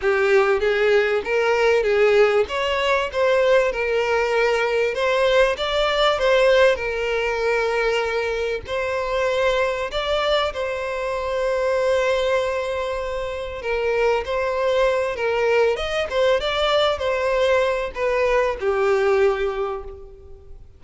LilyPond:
\new Staff \with { instrumentName = "violin" } { \time 4/4 \tempo 4 = 97 g'4 gis'4 ais'4 gis'4 | cis''4 c''4 ais'2 | c''4 d''4 c''4 ais'4~ | ais'2 c''2 |
d''4 c''2.~ | c''2 ais'4 c''4~ | c''8 ais'4 dis''8 c''8 d''4 c''8~ | c''4 b'4 g'2 | }